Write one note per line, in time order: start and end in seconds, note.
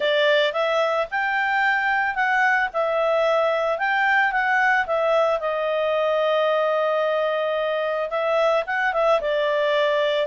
0.00 0.53 D5
0.53 1.07 E5
1.10 2.15 G5
2.15 2.69 F#5
2.73 3.78 E5
3.78 4.31 G5
4.31 4.86 F#5
4.86 5.40 E5
5.40 8.10 D#5
8.10 8.64 E5
8.66 8.93 F#5
8.93 9.20 E5
9.20 10.26 D5